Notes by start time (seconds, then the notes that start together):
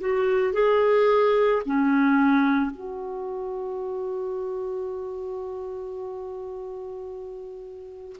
0.00 F#4
0.54 G#4
1.66 C#4
2.71 F#4